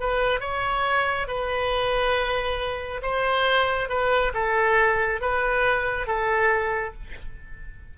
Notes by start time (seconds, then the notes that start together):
0.00 B4
0.40 C#5
1.27 B4
3.02 C5
3.89 B4
4.34 A4
5.21 B4
6.07 A4